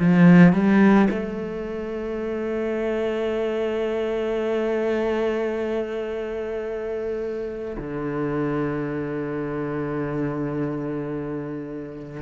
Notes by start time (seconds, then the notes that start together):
0.00 F3
0.53 G3
1.11 A3
7.78 D3